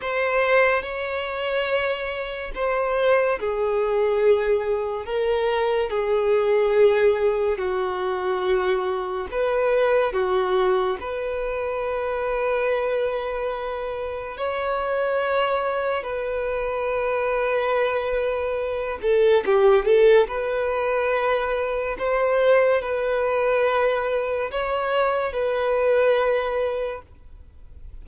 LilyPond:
\new Staff \with { instrumentName = "violin" } { \time 4/4 \tempo 4 = 71 c''4 cis''2 c''4 | gis'2 ais'4 gis'4~ | gis'4 fis'2 b'4 | fis'4 b'2.~ |
b'4 cis''2 b'4~ | b'2~ b'8 a'8 g'8 a'8 | b'2 c''4 b'4~ | b'4 cis''4 b'2 | }